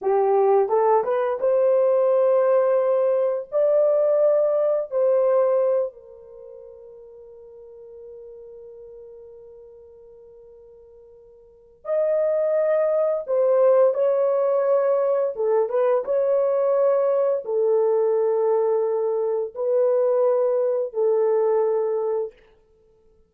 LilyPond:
\new Staff \with { instrumentName = "horn" } { \time 4/4 \tempo 4 = 86 g'4 a'8 b'8 c''2~ | c''4 d''2 c''4~ | c''8 ais'2.~ ais'8~ | ais'1~ |
ais'4 dis''2 c''4 | cis''2 a'8 b'8 cis''4~ | cis''4 a'2. | b'2 a'2 | }